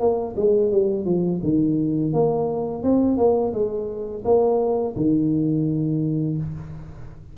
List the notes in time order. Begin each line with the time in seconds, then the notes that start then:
0.00 A#3
0.37 G#3
0.72 G3
1.06 F3
1.43 D#3
2.13 A#3
2.83 C4
3.18 A#3
3.54 G#3
4.25 A#3
4.96 D#3